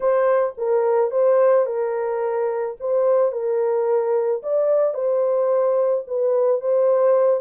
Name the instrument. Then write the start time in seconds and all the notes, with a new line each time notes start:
horn
0.00 C5
0.57 A#4
1.11 C5
1.66 A#4
2.79 C5
3.32 A#4
4.42 D5
4.94 C5
6.07 B4
6.60 C5